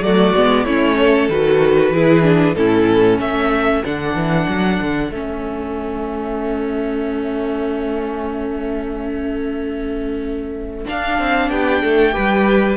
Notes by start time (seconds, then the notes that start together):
0.00 F#3 A3 F#4 D5
0.35 G#3 B3
0.64 A3 C#4 E4 C#5
0.99 A4
1.28 D#3 F#4 B4
1.91 E3 E4 G#4
2.22 D4
2.54 A2 C#4 E4 A4
3.19 A3 A4 E5
3.84 D3 D4 F#5
4.14 E3
4.48 F#3
4.81 D3
5.10 A3 C#4 E5
10.85 D4 F5
11.18 C4
11.49 B3 G4 G5
11.82 A3 A4
12.12 G3 G4 B4